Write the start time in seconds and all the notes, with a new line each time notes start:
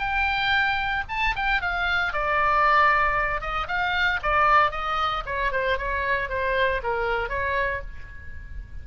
0.00 G5
1.09 A5
1.36 G5
1.62 F5
2.13 D5
3.41 D#5
3.68 F5
4.23 D5
4.72 D#5
5.26 C#5
5.52 C5
5.78 C#5
6.30 C5
6.83 A#4
7.29 C#5